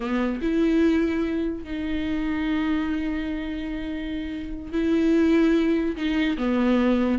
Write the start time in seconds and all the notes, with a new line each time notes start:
0.00 B3
0.41 E4
1.64 D#4
4.72 E4
5.96 D#4
6.37 B3